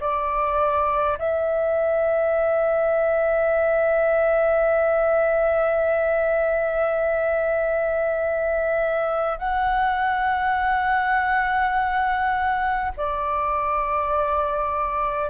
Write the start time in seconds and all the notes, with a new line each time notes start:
0.00 D5
1.18 E5
9.39 F#5
12.97 D5